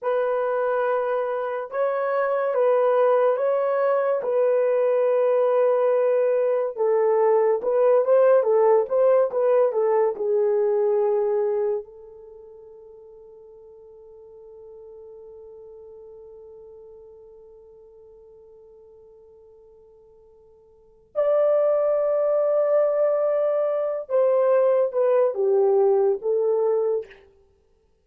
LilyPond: \new Staff \with { instrumentName = "horn" } { \time 4/4 \tempo 4 = 71 b'2 cis''4 b'4 | cis''4 b'2. | a'4 b'8 c''8 a'8 c''8 b'8 a'8 | gis'2 a'2~ |
a'1~ | a'1~ | a'4 d''2.~ | d''8 c''4 b'8 g'4 a'4 | }